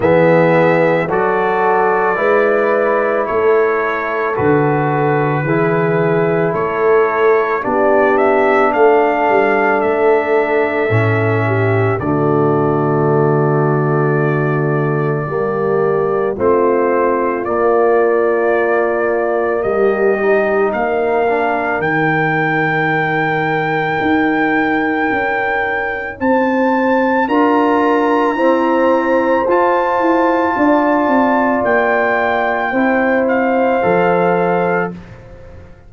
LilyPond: <<
  \new Staff \with { instrumentName = "trumpet" } { \time 4/4 \tempo 4 = 55 e''4 d''2 cis''4 | b'2 cis''4 d''8 e''8 | f''4 e''2 d''4~ | d''2. c''4 |
d''2 dis''4 f''4 | g''1 | a''4 ais''2 a''4~ | a''4 g''4. f''4. | }
  \new Staff \with { instrumentName = "horn" } { \time 4/4 gis'4 a'4 b'4 a'4~ | a'4 gis'4 a'4 g'4 | a'2~ a'8 g'8 fis'4~ | fis'2 g'4 f'4~ |
f'2 g'4 ais'4~ | ais'1 | c''4 ais'4 c''2 | d''2 c''2 | }
  \new Staff \with { instrumentName = "trombone" } { \time 4/4 b4 fis'4 e'2 | fis'4 e'2 d'4~ | d'2 cis'4 a4~ | a2 ais4 c'4 |
ais2~ ais8 dis'4 d'8 | dis'1~ | dis'4 f'4 c'4 f'4~ | f'2 e'4 a'4 | }
  \new Staff \with { instrumentName = "tuba" } { \time 4/4 e4 fis4 gis4 a4 | d4 e4 a4 b4 | a8 g8 a4 a,4 d4~ | d2 g4 a4 |
ais2 g4 ais4 | dis2 dis'4 cis'4 | c'4 d'4 e'4 f'8 e'8 | d'8 c'8 ais4 c'4 f4 | }
>>